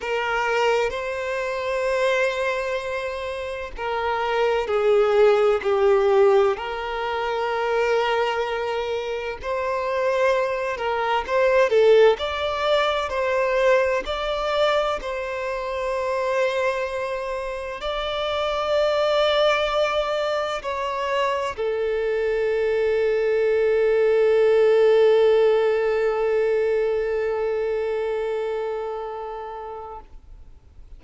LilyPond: \new Staff \with { instrumentName = "violin" } { \time 4/4 \tempo 4 = 64 ais'4 c''2. | ais'4 gis'4 g'4 ais'4~ | ais'2 c''4. ais'8 | c''8 a'8 d''4 c''4 d''4 |
c''2. d''4~ | d''2 cis''4 a'4~ | a'1~ | a'1 | }